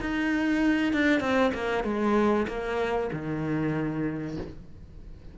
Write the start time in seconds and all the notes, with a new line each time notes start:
0.00 D#4
0.93 D4
1.20 C4
1.54 A#3
1.84 G#3
2.47 A#3
3.12 D#3